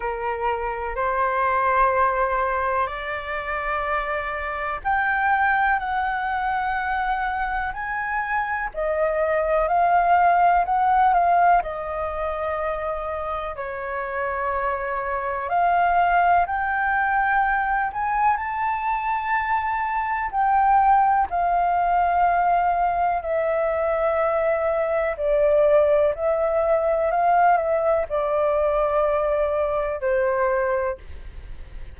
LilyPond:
\new Staff \with { instrumentName = "flute" } { \time 4/4 \tempo 4 = 62 ais'4 c''2 d''4~ | d''4 g''4 fis''2 | gis''4 dis''4 f''4 fis''8 f''8 | dis''2 cis''2 |
f''4 g''4. gis''8 a''4~ | a''4 g''4 f''2 | e''2 d''4 e''4 | f''8 e''8 d''2 c''4 | }